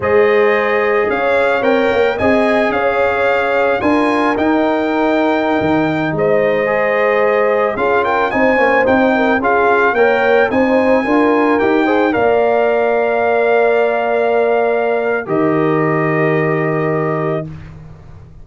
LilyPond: <<
  \new Staff \with { instrumentName = "trumpet" } { \time 4/4 \tempo 4 = 110 dis''2 f''4 g''4 | gis''4 f''2 gis''4 | g''2.~ g''16 dis''8.~ | dis''2~ dis''16 f''8 g''8 gis''8.~ |
gis''16 g''4 f''4 g''4 gis''8.~ | gis''4~ gis''16 g''4 f''4.~ f''16~ | f''1 | dis''1 | }
  \new Staff \with { instrumentName = "horn" } { \time 4/4 c''2 cis''2 | dis''4 cis''2 ais'4~ | ais'2.~ ais'16 c''8.~ | c''2~ c''16 gis'8 ais'8 c''8.~ |
c''8. ais'8 gis'4 cis''4 c''8.~ | c''16 ais'4. c''8 d''4.~ d''16~ | d''1 | ais'1 | }
  \new Staff \with { instrumentName = "trombone" } { \time 4/4 gis'2. ais'4 | gis'2. f'4 | dis'1~ | dis'16 gis'2 f'4 dis'8 cis'16~ |
cis'16 dis'4 f'4 ais'4 dis'8.~ | dis'16 f'4 g'8 gis'8 ais'4.~ ais'16~ | ais'1 | g'1 | }
  \new Staff \with { instrumentName = "tuba" } { \time 4/4 gis2 cis'4 c'8 ais8 | c'4 cis'2 d'4 | dis'2~ dis'16 dis4 gis8.~ | gis2~ gis16 cis'4 c'8 ais16~ |
ais16 c'4 cis'4 ais4 c'8.~ | c'16 d'4 dis'4 ais4.~ ais16~ | ais1 | dis1 | }
>>